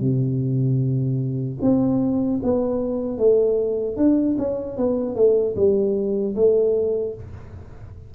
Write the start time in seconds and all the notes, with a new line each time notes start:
0.00 C3
1.61 C4
2.43 B3
3.18 A3
3.97 D4
4.39 C#4
4.77 B3
5.15 A3
5.56 G3
6.35 A3